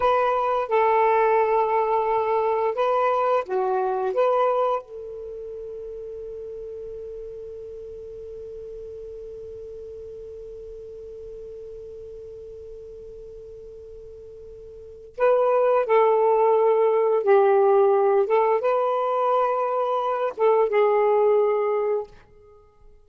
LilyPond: \new Staff \with { instrumentName = "saxophone" } { \time 4/4 \tempo 4 = 87 b'4 a'2. | b'4 fis'4 b'4 a'4~ | a'1~ | a'1~ |
a'1~ | a'2 b'4 a'4~ | a'4 g'4. a'8 b'4~ | b'4. a'8 gis'2 | }